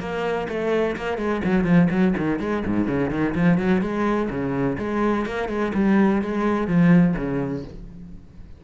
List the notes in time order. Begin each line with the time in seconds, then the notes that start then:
0.00 A#3
0.49 A3
0.97 A#3
1.18 G#3
1.44 F#3
1.64 F3
1.90 F#3
2.18 D#3
2.40 G#3
2.66 G#2
2.87 C#3
3.11 D#3
3.35 F3
3.58 F#3
3.81 G#3
4.30 C#3
4.78 G#3
5.26 A#3
5.48 G#3
5.74 G3
6.22 G#3
6.68 F3
7.17 C#3